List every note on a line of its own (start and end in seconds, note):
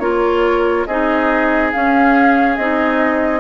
0.00 0.86 A#3
0.00 0.87 F4
0.00 0.88 A#4
0.00 0.86 C#5
0.86 1.73 C4
0.86 1.73 D#4
0.86 3.41 G#4
0.86 1.72 D#5
1.72 2.59 C#4
1.72 2.58 C#4
1.72 2.57 F5
2.57 3.41 C4
2.57 3.41 D#4
2.57 3.41 D#5